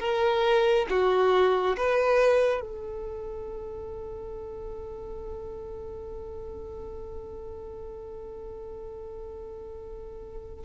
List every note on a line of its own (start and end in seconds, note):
0.00 0.87 A#4
0.90 1.77 F#4
1.77 2.61 B4
2.61 10.66 A4